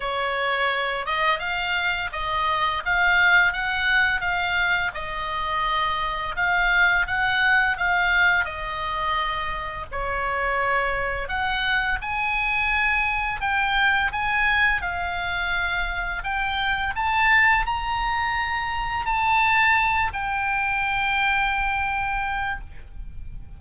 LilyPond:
\new Staff \with { instrumentName = "oboe" } { \time 4/4 \tempo 4 = 85 cis''4. dis''8 f''4 dis''4 | f''4 fis''4 f''4 dis''4~ | dis''4 f''4 fis''4 f''4 | dis''2 cis''2 |
fis''4 gis''2 g''4 | gis''4 f''2 g''4 | a''4 ais''2 a''4~ | a''8 g''2.~ g''8 | }